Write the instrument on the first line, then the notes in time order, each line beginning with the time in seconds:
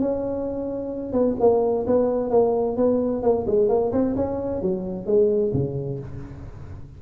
tuba
0.00 C#4
1.12 B3
1.40 A#3
1.86 B3
2.30 A#3
2.76 B3
3.22 A#3
3.46 G#3
3.68 A#3
3.92 C4
4.16 C#4
4.61 F#3
5.06 G#3
5.53 C#3